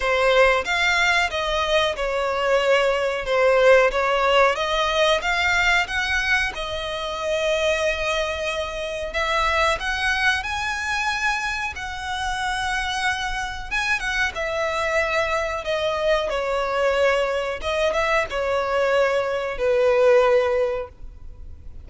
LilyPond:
\new Staff \with { instrumentName = "violin" } { \time 4/4 \tempo 4 = 92 c''4 f''4 dis''4 cis''4~ | cis''4 c''4 cis''4 dis''4 | f''4 fis''4 dis''2~ | dis''2 e''4 fis''4 |
gis''2 fis''2~ | fis''4 gis''8 fis''8 e''2 | dis''4 cis''2 dis''8 e''8 | cis''2 b'2 | }